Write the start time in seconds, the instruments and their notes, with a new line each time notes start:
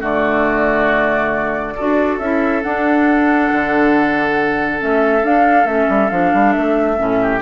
0.00 bassoon D3, clarinet A3, oboe F#4, flute D5
1.76 bassoon D4, clarinet F#4, oboe A4
2.19 bassoon C#4, clarinet E4, flute E5
2.63 clarinet D4, bassoon D4, flute F#5
3.52 bassoon D3
4.78 bassoon A3, clarinet C#4, flute E5
5.23 bassoon D4, clarinet D4, flute F5
5.64 bassoon A3, clarinet C#4, flute E5
5.89 bassoon G3
6.10 bassoon F3, clarinet D4, flute F5
6.34 bassoon G3
6.53 bassoon A3, flute E5
6.96 bassoon A2, clarinet C#4
7.21 oboe G4